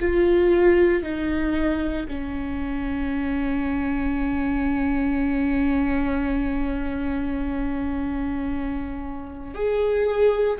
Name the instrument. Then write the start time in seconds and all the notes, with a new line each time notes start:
viola
0.00 F4
1.03 D#4
2.09 C#4
9.55 G#4